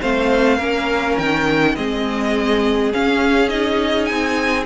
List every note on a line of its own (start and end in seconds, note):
0.00 0.58 A3
0.00 0.60 C4
0.00 0.57 C5
0.00 1.17 F5
0.57 1.16 A#3
0.57 1.76 C#4
0.57 1.74 A#4
1.17 1.76 D#3
1.17 1.75 G5
1.75 2.93 G#3
1.75 2.93 C4
1.75 4.65 G#4
1.75 2.92 D#5
2.93 3.48 C#4
2.93 4.10 C#4
2.93 3.48 F5
3.48 4.65 D#4
3.48 4.05 D#5
4.05 4.65 C4
4.05 4.63 G#5